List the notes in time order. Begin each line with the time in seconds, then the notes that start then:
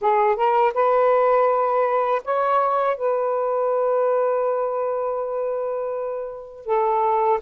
0.01 G#4
0.35 A#4
0.73 B4
2.24 C#5
2.96 B4
6.65 A4